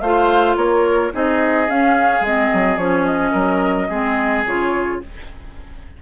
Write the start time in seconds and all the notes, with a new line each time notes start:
0.00 A3 F4 C5 F5
0.56 A#3 A#4 C#5
1.12 C4 D#4 G#4 D#5
1.68 C#4 F5
2.21 G#3 C4 D#5
2.53 F#3
2.77 F3 C#4 C#5
3.05 D#5
3.31 F#3 A#4
3.89 G#3 C4 G#4
4.46 C#3 F4 C#5